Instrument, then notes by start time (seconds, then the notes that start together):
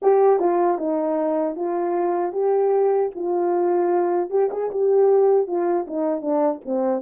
horn
0.01 G4
0.39 F4
0.78 D#4
1.55 F4
2.32 G4
3.15 F4
4.30 G4
4.51 G#4
4.70 G4
5.47 F4
5.87 D#4
6.21 D4
6.65 C4